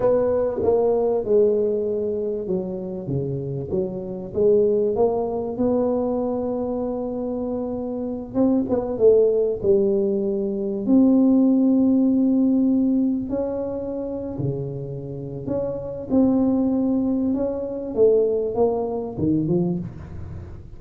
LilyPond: \new Staff \with { instrumentName = "tuba" } { \time 4/4 \tempo 4 = 97 b4 ais4 gis2 | fis4 cis4 fis4 gis4 | ais4 b2.~ | b4. c'8 b8 a4 g8~ |
g4. c'2~ c'8~ | c'4. cis'4.~ cis'16 cis8.~ | cis4 cis'4 c'2 | cis'4 a4 ais4 dis8 f8 | }